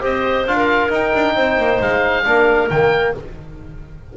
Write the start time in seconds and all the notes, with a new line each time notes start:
0.00 C4 G4 C5 D#5
0.47 D4 F4 F5
0.56 A#4
0.90 D#4 G5
1.14 D4
1.35 C4 C5
1.57 A#3
1.80 G#3 F5
2.24 A#3 D4 A#4
2.69 D#3 A#3 G5